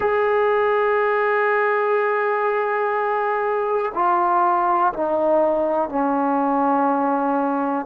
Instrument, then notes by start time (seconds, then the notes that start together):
trombone
0.00 G#4
3.94 F4
4.93 D#4
5.89 C#4